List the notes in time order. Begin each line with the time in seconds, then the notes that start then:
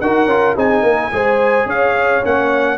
0.00 D#4 F#4 A#4 F#5
0.25 C#4 F4
0.56 C4 D#4 G#4 G#5
0.82 A#3 A#4
1.11 G#3 G#4 C5
1.65 C#4 C#5 F5
2.22 A#3 C#4 F#5